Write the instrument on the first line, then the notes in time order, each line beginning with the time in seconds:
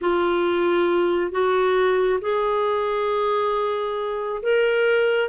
clarinet
0.01 F4
1.31 F#4
2.21 G#4
4.42 A#4